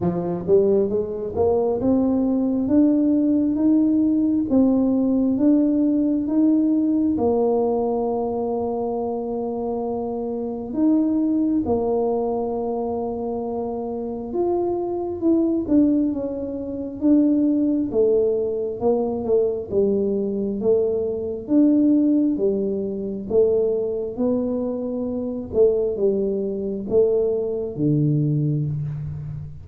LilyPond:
\new Staff \with { instrumentName = "tuba" } { \time 4/4 \tempo 4 = 67 f8 g8 gis8 ais8 c'4 d'4 | dis'4 c'4 d'4 dis'4 | ais1 | dis'4 ais2. |
f'4 e'8 d'8 cis'4 d'4 | a4 ais8 a8 g4 a4 | d'4 g4 a4 b4~ | b8 a8 g4 a4 d4 | }